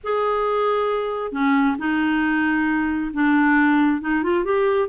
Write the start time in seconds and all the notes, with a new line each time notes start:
0.03 G#4
1.32 C#4
1.78 D#4
3.13 D4
4.01 D#4
4.23 F4
4.44 G4